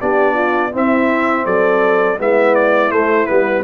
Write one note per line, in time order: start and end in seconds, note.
0.00 0.73 B3
0.00 0.71 D4
0.00 0.34 G4
0.00 0.73 D5
0.34 0.70 F4
0.71 2.18 C4
0.71 1.46 C4
0.71 1.45 E4
0.71 1.45 E5
1.45 2.18 F#3
1.45 2.18 A4
1.45 2.18 D5
2.18 2.91 G#3
2.18 2.91 B3
2.18 3.63 E4
2.18 2.54 E5
2.54 2.91 D5
2.91 3.27 A3
2.91 3.28 A3
2.91 3.26 C5
3.26 3.63 G3
3.26 3.63 B3
3.26 3.63 B4